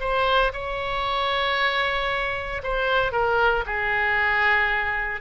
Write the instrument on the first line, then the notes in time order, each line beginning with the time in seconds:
oboe
0.00 C5
0.53 C#5
2.63 C5
3.12 A#4
3.66 G#4